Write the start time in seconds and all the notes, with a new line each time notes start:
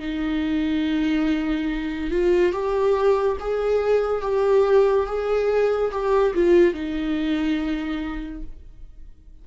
0.00 D#4
2.11 F4
2.53 G4
3.40 G#4
4.22 G4
5.07 G#4
5.92 G4
6.34 F4
6.74 D#4